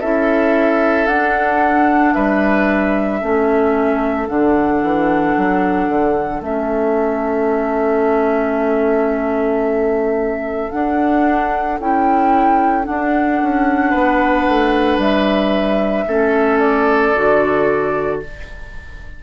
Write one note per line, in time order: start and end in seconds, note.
0.00 1.07 C#4
0.00 1.09 E4
0.00 2.15 A4
0.00 1.07 E5
1.07 2.14 D4
1.07 3.21 D4
1.07 2.14 F#5
2.14 3.23 G3
2.14 3.20 B4
2.14 4.28 E5
3.20 4.29 A3
3.20 4.28 C#4
3.20 13.91 A4
4.28 4.83 D3
4.28 6.42 D4
4.28 6.43 F#5
4.83 5.36 E3
5.37 5.89 F#3
5.89 6.41 D3
6.41 10.69 A3
6.41 10.72 C#4
6.41 10.72 E5
10.72 11.79 D4
10.72 11.80 D4
10.72 11.79 F#5
11.80 12.87 C#4
11.80 12.84 E4
11.80 12.86 G5
12.84 16.05 D4
12.84 13.42 D4
12.84 15.00 F#5
13.42 13.94 C#4
13.91 14.47 B3
13.91 16.05 B4
14.49 14.98 A3
14.98 16.05 G3
14.98 16.59 E5
16.08 17.15 A3
16.08 17.16 C#4
16.08 18.22 A4
16.59 18.20 D5
17.16 18.23 D3
17.16 18.23 F#4